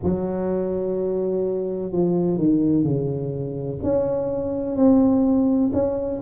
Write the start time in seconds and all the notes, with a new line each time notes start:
0.03 F#3
1.91 F3
2.37 D#3
2.83 C#3
3.83 C#4
4.76 C4
5.73 C#4